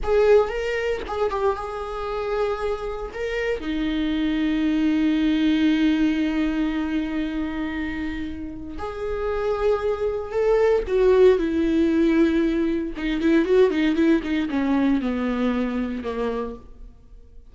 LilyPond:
\new Staff \with { instrumentName = "viola" } { \time 4/4 \tempo 4 = 116 gis'4 ais'4 gis'8 g'8 gis'4~ | gis'2 ais'4 dis'4~ | dis'1~ | dis'1~ |
dis'4 gis'2. | a'4 fis'4 e'2~ | e'4 dis'8 e'8 fis'8 dis'8 e'8 dis'8 | cis'4 b2 ais4 | }